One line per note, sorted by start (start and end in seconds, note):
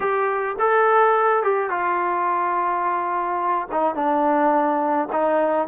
0.00 0.55 G4
0.59 1.43 A4
1.43 1.70 G4
1.70 3.68 F4
3.71 3.95 D#4
3.95 5.08 D4
5.12 5.67 D#4